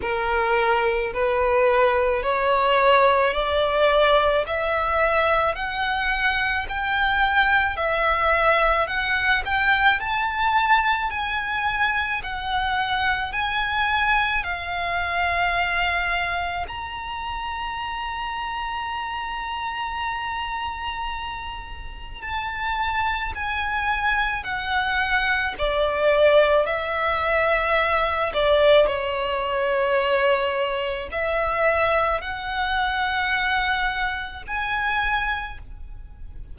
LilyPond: \new Staff \with { instrumentName = "violin" } { \time 4/4 \tempo 4 = 54 ais'4 b'4 cis''4 d''4 | e''4 fis''4 g''4 e''4 | fis''8 g''8 a''4 gis''4 fis''4 | gis''4 f''2 ais''4~ |
ais''1 | a''4 gis''4 fis''4 d''4 | e''4. d''8 cis''2 | e''4 fis''2 gis''4 | }